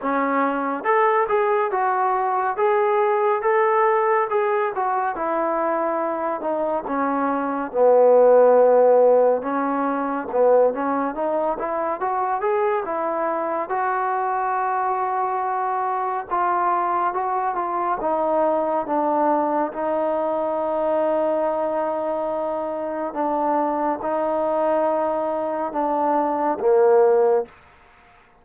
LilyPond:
\new Staff \with { instrumentName = "trombone" } { \time 4/4 \tempo 4 = 70 cis'4 a'8 gis'8 fis'4 gis'4 | a'4 gis'8 fis'8 e'4. dis'8 | cis'4 b2 cis'4 | b8 cis'8 dis'8 e'8 fis'8 gis'8 e'4 |
fis'2. f'4 | fis'8 f'8 dis'4 d'4 dis'4~ | dis'2. d'4 | dis'2 d'4 ais4 | }